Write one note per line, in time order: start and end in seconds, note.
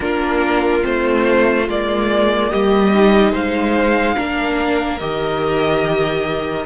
0.00 0.83 A#3
0.00 0.81 D4
0.00 2.50 F4
0.00 0.84 A#4
0.81 1.68 A3
0.81 1.65 C4
0.81 1.68 C5
1.68 2.51 G#3
1.68 2.94 A#3
1.68 2.51 D5
2.50 3.33 G3
2.50 3.32 G4
2.50 3.34 D#5
2.94 4.15 D#4
3.32 4.16 G#3
3.32 4.15 C5
3.32 4.98 F5
4.15 5.00 A#3
4.15 4.99 D4
4.15 6.65 A#4
4.98 6.65 D#3
4.98 6.65 G4
4.98 6.65 D#5